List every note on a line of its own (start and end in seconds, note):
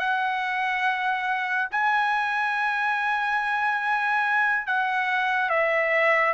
0.00 1.69 F#5
1.72 4.67 G#5
4.67 5.50 F#5
5.50 6.34 E5